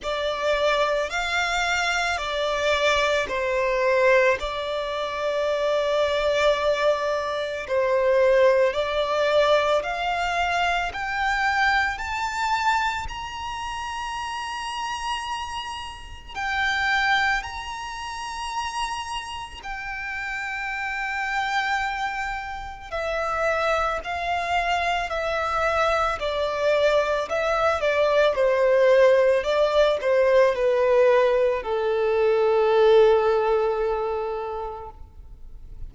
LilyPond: \new Staff \with { instrumentName = "violin" } { \time 4/4 \tempo 4 = 55 d''4 f''4 d''4 c''4 | d''2. c''4 | d''4 f''4 g''4 a''4 | ais''2. g''4 |
ais''2 g''2~ | g''4 e''4 f''4 e''4 | d''4 e''8 d''8 c''4 d''8 c''8 | b'4 a'2. | }